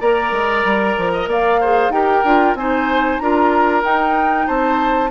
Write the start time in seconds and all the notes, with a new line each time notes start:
0.00 A#3 A#4 D5 A#5
0.31 G#3
0.64 G3
0.97 F3
1.13 D#5
1.26 A#3 D5 F5
1.60 G#4 C5
1.89 D#4 G4 A#4 G5
2.24 D4 F4
2.54 C4 D#4 C5 G#5
3.18 D4 F4 A#4 A#5
3.83 D#4 G5
4.46 C4 C5 A5